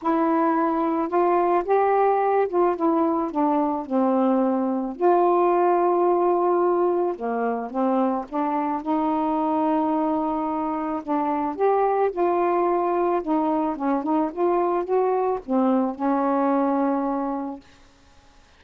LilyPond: \new Staff \with { instrumentName = "saxophone" } { \time 4/4 \tempo 4 = 109 e'2 f'4 g'4~ | g'8 f'8 e'4 d'4 c'4~ | c'4 f'2.~ | f'4 ais4 c'4 d'4 |
dis'1 | d'4 g'4 f'2 | dis'4 cis'8 dis'8 f'4 fis'4 | c'4 cis'2. | }